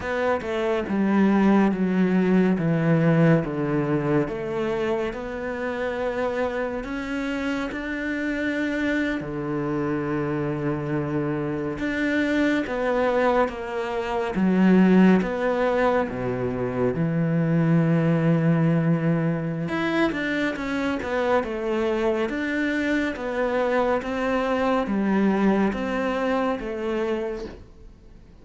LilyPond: \new Staff \with { instrumentName = "cello" } { \time 4/4 \tempo 4 = 70 b8 a8 g4 fis4 e4 | d4 a4 b2 | cis'4 d'4.~ d'16 d4~ d16~ | d4.~ d16 d'4 b4 ais16~ |
ais8. fis4 b4 b,4 e16~ | e2. e'8 d'8 | cis'8 b8 a4 d'4 b4 | c'4 g4 c'4 a4 | }